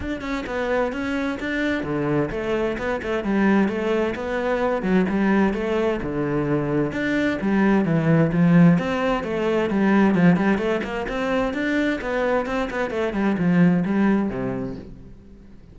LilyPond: \new Staff \with { instrumentName = "cello" } { \time 4/4 \tempo 4 = 130 d'8 cis'8 b4 cis'4 d'4 | d4 a4 b8 a8 g4 | a4 b4. fis8 g4 | a4 d2 d'4 |
g4 e4 f4 c'4 | a4 g4 f8 g8 a8 ais8 | c'4 d'4 b4 c'8 b8 | a8 g8 f4 g4 c4 | }